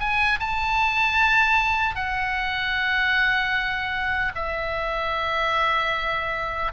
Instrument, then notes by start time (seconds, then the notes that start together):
oboe
0.00 G#5
0.40 A5
1.96 F#5
4.36 E5